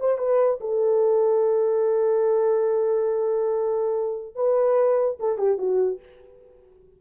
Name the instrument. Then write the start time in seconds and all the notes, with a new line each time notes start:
horn
0.00 C5
0.18 B4
0.60 A4
4.35 B4
5.20 A4
5.38 G4
5.58 F#4